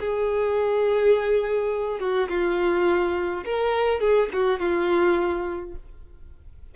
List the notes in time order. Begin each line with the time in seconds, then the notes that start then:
0.00 G#4
2.00 F#4
2.29 F4
3.45 A#4
4.00 G#4
4.33 F#4
4.59 F4